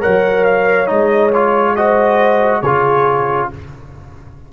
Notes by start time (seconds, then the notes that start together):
0.00 F#3 A#4 C#5 F#5
0.44 F5
0.86 G#3 D#4 D#5
1.33 F4 C#5
1.76 F#4 C5 D#5
2.62 C#3 F4 G#4 C#5